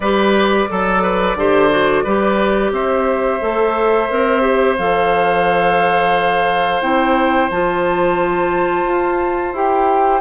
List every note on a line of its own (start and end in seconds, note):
0.00 0.66 G3
0.00 0.68 G4
0.00 0.69 B4
0.00 2.71 D5
0.68 1.35 F#3
0.68 1.36 A4
0.68 1.02 A4
1.02 1.37 B4
1.35 2.03 D3
1.35 1.70 G4
1.35 2.04 C5
1.70 2.04 F#4
2.04 2.71 G3
2.04 3.41 G4
2.04 2.72 B4
2.71 3.39 C4
2.71 10.21 C5
2.71 4.77 E5
3.41 4.10 A3
3.41 4.09 A4
4.09 4.78 C4
4.09 4.41 A#4
4.41 4.75 G4
4.77 6.81 F3
4.77 6.82 A4
4.77 6.81 F5
6.81 7.49 C4
6.81 7.50 E4
6.81 7.49 G5
7.50 8.84 F3
7.50 9.54 F4
7.50 9.55 A5
8.84 9.52 F4
9.53 10.21 E4
9.53 10.21 G4
9.53 10.21 G5